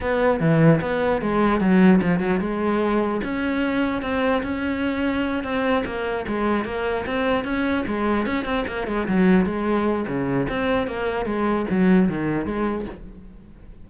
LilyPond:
\new Staff \with { instrumentName = "cello" } { \time 4/4 \tempo 4 = 149 b4 e4 b4 gis4 | fis4 f8 fis8 gis2 | cis'2 c'4 cis'4~ | cis'4. c'4 ais4 gis8~ |
gis8 ais4 c'4 cis'4 gis8~ | gis8 cis'8 c'8 ais8 gis8 fis4 gis8~ | gis4 cis4 c'4 ais4 | gis4 fis4 dis4 gis4 | }